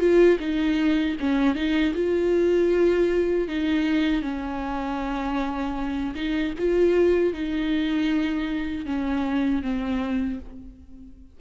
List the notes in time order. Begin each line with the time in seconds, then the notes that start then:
0.00 F4
0.40 D#4
1.20 C#4
1.56 D#4
1.95 F4
3.48 D#4
4.22 C#4
6.15 D#4
6.59 F4
7.33 D#4
8.86 C#4
9.63 C4